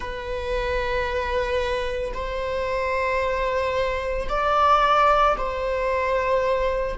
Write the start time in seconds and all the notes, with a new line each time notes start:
0.00 B4
2.13 C5
4.29 D5
5.37 C5